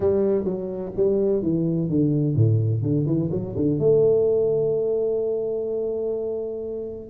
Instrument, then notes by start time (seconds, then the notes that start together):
tuba
0.00 G3
0.44 F#3
0.96 G3
1.42 E3
1.89 D3
2.35 A2
2.82 D3
3.06 E3
3.31 F#3
3.56 D3
3.79 A3